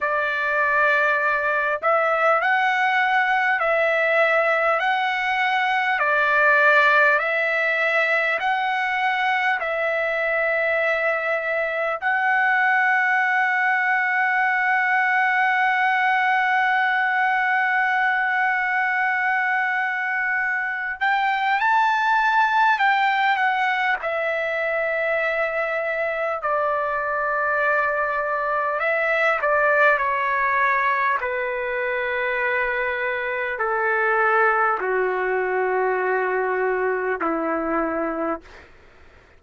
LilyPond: \new Staff \with { instrumentName = "trumpet" } { \time 4/4 \tempo 4 = 50 d''4. e''8 fis''4 e''4 | fis''4 d''4 e''4 fis''4 | e''2 fis''2~ | fis''1~ |
fis''4. g''8 a''4 g''8 fis''8 | e''2 d''2 | e''8 d''8 cis''4 b'2 | a'4 fis'2 e'4 | }